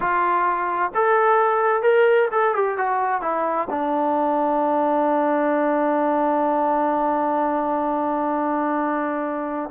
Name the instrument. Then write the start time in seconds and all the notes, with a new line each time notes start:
trombone
0.00 F4
0.94 A4
1.82 A#4
2.31 A4
2.54 G4
2.77 F#4
3.21 E4
3.69 D4